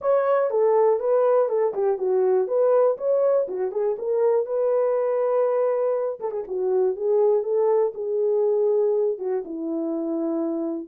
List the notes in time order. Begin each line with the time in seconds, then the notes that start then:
0.01 C#5
0.50 A4
0.99 B4
1.49 A4
1.74 G4
1.98 F#4
2.47 B4
2.97 C#5
3.48 F#4
3.71 G#4
3.98 A#4
4.46 B4
6.19 A4
6.31 G#4
6.47 F#4
6.96 G#4
7.43 A4
7.94 G#4
9.18 F#4
9.44 E4